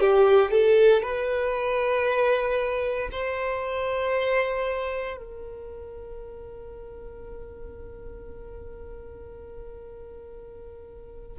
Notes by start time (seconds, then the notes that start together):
0.00 G4
0.51 A4
1.03 B4
3.11 C5
5.17 A#4